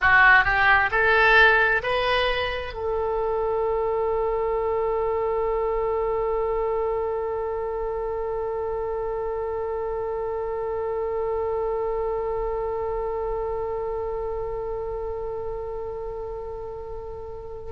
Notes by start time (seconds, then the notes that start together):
0.01 F#4
0.44 G4
0.91 A4
1.83 B4
2.73 A4